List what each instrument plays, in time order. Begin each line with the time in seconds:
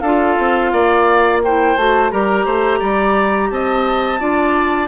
0.00 bassoon D4, clarinet F4, oboe A4, flute F5
0.39 bassoon C4
0.72 bassoon A#3, oboe D5
1.44 clarinet E4, oboe C5, flute G5
1.76 bassoon A3, clarinet F#4, flute A5
2.11 bassoon G3, clarinet G4, oboe A#4, flute A#5
2.45 bassoon A3, oboe C5
2.79 bassoon G3, oboe D5
3.50 bassoon C4, oboe D#5, flute A5
4.19 bassoon D4, clarinet F4, oboe D5